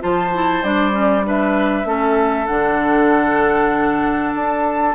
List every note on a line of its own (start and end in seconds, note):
0.00 0.63 F3
0.00 0.31 F4
0.00 1.26 C5
0.00 0.63 A5
0.33 0.63 E4
0.63 1.84 G3
0.63 0.91 D4
0.63 1.25 D5
0.91 1.22 C#4
1.24 1.85 D4
1.24 1.87 B4
1.24 2.46 E5
1.84 2.46 A3
1.84 2.47 C#4
1.84 4.95 A4
2.46 4.35 D3
2.46 4.95 D4
2.46 4.32 F#5
4.35 4.95 D4
4.35 4.95 A5